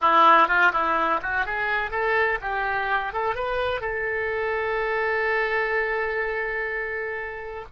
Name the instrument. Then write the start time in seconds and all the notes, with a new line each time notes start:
oboe
0.01 E4
0.48 F4
0.72 E4
1.22 F#4
1.45 G#4
1.90 A4
2.41 G4
3.12 A4
3.35 B4
3.81 A4